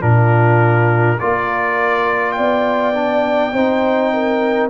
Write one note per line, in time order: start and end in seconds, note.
0.00 1.20 A#2
0.00 1.18 D4
0.00 1.19 F4
0.00 1.20 A#4
1.20 2.39 A#3
1.20 2.94 F4
1.20 2.37 A#4
1.20 2.32 D5
2.32 3.54 D5
2.32 4.67 G5
2.39 3.53 B3
2.94 3.53 D4
3.53 4.71 C4
3.53 4.71 D#4
3.53 4.12 C5
4.13 4.71 A#4